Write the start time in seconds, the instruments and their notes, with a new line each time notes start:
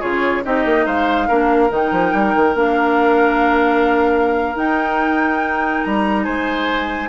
0.00 bassoon C#3, clarinet F4, oboe G#4, flute C#5
0.45 bassoon C4, clarinet D#4, oboe G4, flute D#5
0.65 bassoon A#3
0.86 bassoon G#3, oboe C5, flute F5
1.28 bassoon A#3, clarinet D4, oboe A#4
1.69 bassoon D#3, clarinet D#4, flute G5
1.92 bassoon F3
2.13 bassoon G3
2.35 bassoon D#3
2.55 bassoon A#3, clarinet D4, flute F5
4.55 clarinet D#4, bassoon D#4, flute G5
5.83 bassoon G3, flute A#5
6.25 bassoon G#3, oboe C5, flute G#5